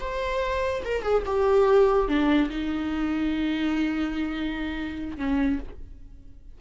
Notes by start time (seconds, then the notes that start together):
0.00 C5
0.84 A#4
1.02 G#4
1.25 G4
2.08 D4
2.50 D#4
5.17 C#4